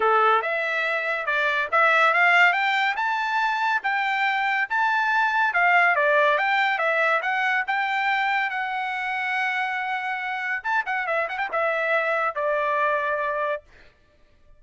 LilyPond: \new Staff \with { instrumentName = "trumpet" } { \time 4/4 \tempo 4 = 141 a'4 e''2 d''4 | e''4 f''4 g''4 a''4~ | a''4 g''2 a''4~ | a''4 f''4 d''4 g''4 |
e''4 fis''4 g''2 | fis''1~ | fis''4 a''8 fis''8 e''8 fis''16 g''16 e''4~ | e''4 d''2. | }